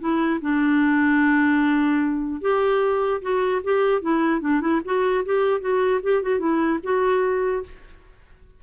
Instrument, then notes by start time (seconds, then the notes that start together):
clarinet
0.00 E4
0.41 D4
2.41 G4
3.22 F#4
3.64 G4
4.02 E4
4.41 D4
4.61 E4
4.85 F#4
5.25 G4
5.60 F#4
6.03 G4
6.22 F#4
6.39 E4
6.83 F#4